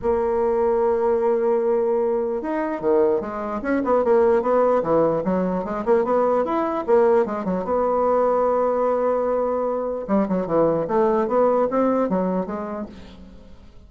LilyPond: \new Staff \with { instrumentName = "bassoon" } { \time 4/4 \tempo 4 = 149 ais1~ | ais2 dis'4 dis4 | gis4 cis'8 b8 ais4 b4 | e4 fis4 gis8 ais8 b4 |
e'4 ais4 gis8 fis8 b4~ | b1~ | b4 g8 fis8 e4 a4 | b4 c'4 fis4 gis4 | }